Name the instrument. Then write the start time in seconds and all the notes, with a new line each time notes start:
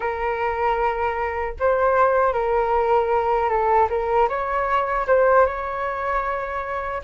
flute
0.00 A#4
1.59 C5
2.33 A#4
3.49 A4
3.89 A#4
4.28 C#5
5.06 C5
5.46 C#5